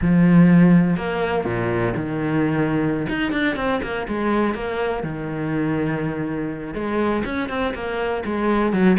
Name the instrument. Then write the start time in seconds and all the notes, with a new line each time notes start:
cello
0.01 F3
0.96 A#3
1.44 A#2
1.96 D#3
3.09 D#4
3.32 D4
3.56 C4
3.82 A#3
4.08 G#3
4.54 A#3
5.03 D#3
6.74 G#3
7.25 C#4
7.49 C4
7.74 A#3
8.25 G#3
8.72 F#3